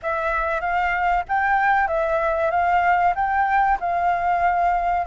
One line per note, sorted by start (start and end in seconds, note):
0.02 0.60 E5
0.60 1.23 F5
1.28 1.87 G5
1.87 2.50 E5
2.51 3.14 F5
3.15 3.78 G5
3.80 5.06 F5